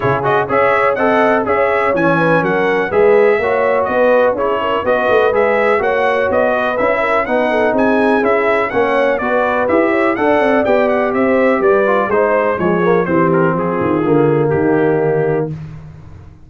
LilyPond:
<<
  \new Staff \with { instrumentName = "trumpet" } { \time 4/4 \tempo 4 = 124 cis''8 dis''8 e''4 fis''4 e''4 | gis''4 fis''4 e''2 | dis''4 cis''4 dis''4 e''4 | fis''4 dis''4 e''4 fis''4 |
gis''4 e''4 fis''4 d''4 | e''4 fis''4 g''8 fis''8 e''4 | d''4 c''4 cis''4 c''8 ais'8 | gis'2 g'2 | }
  \new Staff \with { instrumentName = "horn" } { \time 4/4 gis'4 cis''4 dis''4 cis''4~ | cis''8 b'8 ais'4 b'4 cis''4 | b'4 gis'8 ais'8 b'2 | cis''4. b'4 ais'8 b'8 a'8 |
gis'2 cis''4 b'4~ | b'8 cis''8 d''2 c''4 | b'4 c''4 gis'4 g'4 | f'2 dis'2 | }
  \new Staff \with { instrumentName = "trombone" } { \time 4/4 e'8 fis'8 gis'4 a'4 gis'4 | cis'2 gis'4 fis'4~ | fis'4 e'4 fis'4 gis'4 | fis'2 e'4 dis'4~ |
dis'4 e'4 cis'4 fis'4 | g'4 a'4 g'2~ | g'8 f'8 dis'4 gis8 ais8 c'4~ | c'4 ais2. | }
  \new Staff \with { instrumentName = "tuba" } { \time 4/4 cis4 cis'4 c'4 cis'4 | e4 fis4 gis4 ais4 | b4 cis'4 b8 a8 gis4 | ais4 b4 cis'4 b4 |
c'4 cis'4 ais4 b4 | e'4 d'8 c'8 b4 c'4 | g4 gis4 f4 e4 | f8 dis8 d4 dis2 | }
>>